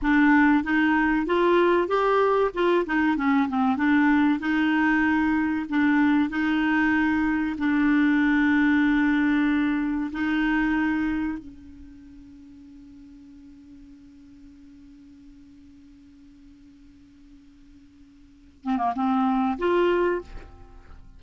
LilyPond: \new Staff \with { instrumentName = "clarinet" } { \time 4/4 \tempo 4 = 95 d'4 dis'4 f'4 g'4 | f'8 dis'8 cis'8 c'8 d'4 dis'4~ | dis'4 d'4 dis'2 | d'1 |
dis'2 cis'2~ | cis'1~ | cis'1~ | cis'4. c'16 ais16 c'4 f'4 | }